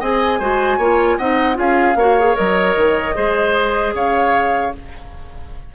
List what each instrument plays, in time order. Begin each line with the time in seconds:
0.00 bassoon C4, clarinet G#4, oboe D#5, flute G#5
0.39 bassoon G#3, clarinet F#4, oboe C5
0.78 bassoon A#3, clarinet F4, oboe C#5
1.18 bassoon C4, clarinet D#4, oboe D#5, flute F#5
1.54 bassoon C#4, clarinet F4, oboe G#4, flute F5
1.95 bassoon A#3, clarinet F#4, oboe C#5
2.20 clarinet G#4
2.35 bassoon F#3, clarinet A#4, flute D#5
2.77 bassoon D#3
3.14 bassoon G#3, clarinet G#4, oboe C5
3.94 bassoon C#3, oboe C#5, flute F5